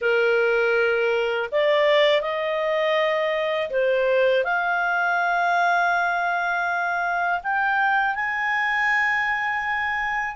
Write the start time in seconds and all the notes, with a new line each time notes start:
0.01 A#4
1.52 D5
2.21 D#5
3.69 C5
4.44 F5
7.43 G5
8.15 G#5